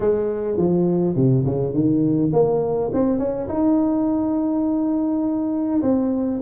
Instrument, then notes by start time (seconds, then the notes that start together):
tuba
0.00 G#3
0.57 F3
1.15 C3
1.45 C#3
1.73 D#3
2.32 A#3
2.93 C4
3.18 C#4
3.48 D#4
5.82 C4